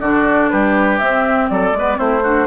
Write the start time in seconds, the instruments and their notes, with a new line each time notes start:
0.00 bassoon D3, clarinet D4, oboe F#4, flute D5
0.50 bassoon G3, oboe G4, flute B4
0.98 clarinet C4, bassoon C4, flute E5
1.49 bassoon F#3, oboe A4, flute D5
1.71 bassoon G#3, clarinet B3
1.78 oboe B4
1.95 bassoon A3, clarinet C4, oboe E4, flute C5
2.23 clarinet D4, oboe F#4